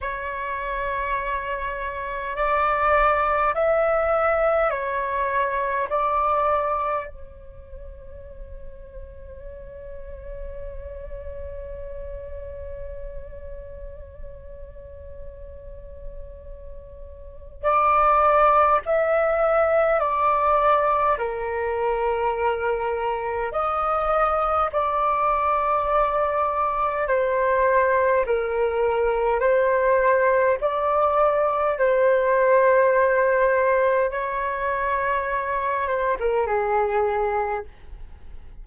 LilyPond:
\new Staff \with { instrumentName = "flute" } { \time 4/4 \tempo 4 = 51 cis''2 d''4 e''4 | cis''4 d''4 cis''2~ | cis''1~ | cis''2. d''4 |
e''4 d''4 ais'2 | dis''4 d''2 c''4 | ais'4 c''4 d''4 c''4~ | c''4 cis''4. c''16 ais'16 gis'4 | }